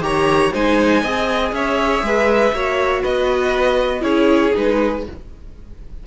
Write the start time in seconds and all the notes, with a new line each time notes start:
0.00 D#3 G4 C#5 A#5
0.53 G#3 D#4 C5 G#5
1.02 C4 G#4 D#5
1.52 C#4 C#5 E5
2.02 G#3 B4
2.53 A#3 F#4 C#5
3.02 B3 B4 D#5
4.01 C#4 E4 G#4 C#5
4.55 G#3 D#4 B4